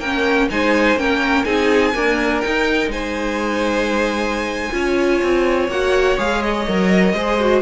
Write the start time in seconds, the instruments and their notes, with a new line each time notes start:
0.00 cello A#3, viola C#4, violin A#4 G5
0.51 cello G#3, viola D#4, violin C5 G#5
0.96 cello A#3, viola C#4, violin A#4 G5
1.45 cello C4, viola D#4, violin G#4 G#5
1.94 viola A#3, cello D4, violin A#4
2.41 viola D#4, cello D#4, violin G5
2.88 cello G#3, violin C5 G#5
4.72 cello C#4, viola F4, violin C#5
5.23 cello C4
5.69 cello A#3, viola F#4, violin F#5
6.18 cello G#3, viola G#4, violin F5
6.43 violin D#5
6.68 cello F#3, viola A#4
7.14 cello G#3, viola G#4, violin C5
7.40 viola F#4